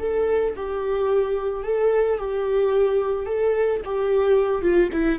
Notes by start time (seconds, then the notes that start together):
0.00 A4
0.57 G4
1.64 A4
2.19 G4
3.27 A4
3.85 G4
4.62 F4
4.93 E4